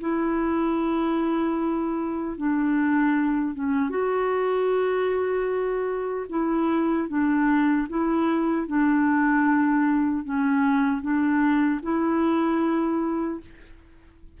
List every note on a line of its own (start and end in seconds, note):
0.00 2.37 E4
2.37 3.54 D4
3.54 3.89 C#4
3.89 6.26 F#4
6.29 7.08 E4
7.08 7.87 D4
7.88 8.67 E4
8.67 10.24 D4
10.24 11.01 C#4
11.01 11.80 D4
11.82 13.40 E4